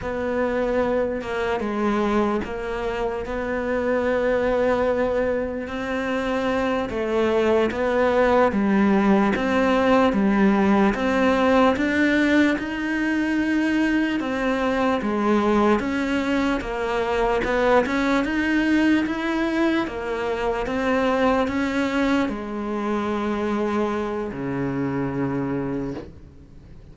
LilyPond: \new Staff \with { instrumentName = "cello" } { \time 4/4 \tempo 4 = 74 b4. ais8 gis4 ais4 | b2. c'4~ | c'8 a4 b4 g4 c'8~ | c'8 g4 c'4 d'4 dis'8~ |
dis'4. c'4 gis4 cis'8~ | cis'8 ais4 b8 cis'8 dis'4 e'8~ | e'8 ais4 c'4 cis'4 gis8~ | gis2 cis2 | }